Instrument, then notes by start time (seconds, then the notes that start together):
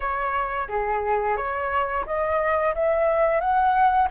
flute
0.00 C#5
0.68 G#4
1.36 C#5
2.06 D#5
2.75 E5
3.40 F#5